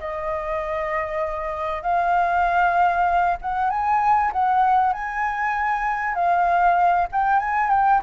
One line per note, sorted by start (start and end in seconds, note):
0.00 1.83 D#5
1.83 3.38 F5
3.42 3.70 F#5
3.70 4.32 G#5
4.33 4.93 F#5
4.93 6.15 G#5
6.15 7.08 F5
7.12 7.39 G5
7.39 7.70 G#5
7.70 8.01 G5